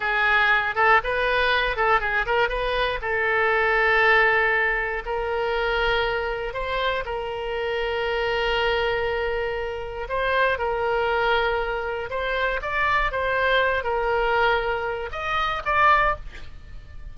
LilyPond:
\new Staff \with { instrumentName = "oboe" } { \time 4/4 \tempo 4 = 119 gis'4. a'8 b'4. a'8 | gis'8 ais'8 b'4 a'2~ | a'2 ais'2~ | ais'4 c''4 ais'2~ |
ais'1 | c''4 ais'2. | c''4 d''4 c''4. ais'8~ | ais'2 dis''4 d''4 | }